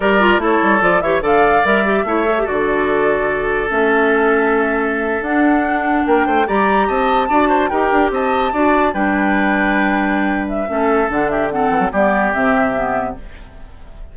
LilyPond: <<
  \new Staff \with { instrumentName = "flute" } { \time 4/4 \tempo 4 = 146 d''4 cis''4 d''8 e''8 f''4 | e''2 d''2~ | d''4 e''2.~ | e''8. fis''2 g''4 ais''16~ |
ais''8. a''2 g''4 a''16~ | a''4.~ a''16 g''2~ g''16~ | g''4. e''4. fis''8 e''8 | fis''4 d''4 e''2 | }
  \new Staff \with { instrumentName = "oboe" } { \time 4/4 ais'4 a'4. cis''8 d''4~ | d''4 cis''4 a'2~ | a'1~ | a'2~ a'8. ais'8 c''8 d''16~ |
d''8. dis''4 d''8 c''8 ais'4 dis''16~ | dis''8. d''4 b'2~ b'16~ | b'2 a'4. g'8 | a'4 g'2. | }
  \new Staff \with { instrumentName = "clarinet" } { \time 4/4 g'8 f'8 e'4 f'8 g'8 a'4 | ais'8 g'8 e'8 a'16 g'16 fis'2~ | fis'4 cis'2.~ | cis'8. d'2. g'16~ |
g'4.~ g'16 fis'4 g'4~ g'16~ | g'8. fis'4 d'2~ d'16~ | d'2 cis'4 d'4 | c'4 b4 c'4 b4 | }
  \new Staff \with { instrumentName = "bassoon" } { \time 4/4 g4 a8 g8 f8 e8 d4 | g4 a4 d2~ | d4 a2.~ | a8. d'2 ais8 a8 g16~ |
g8. c'4 d'4 dis'8 d'8 c'16~ | c'8. d'4 g2~ g16~ | g2 a4 d4~ | d8 e16 fis16 g4 c2 | }
>>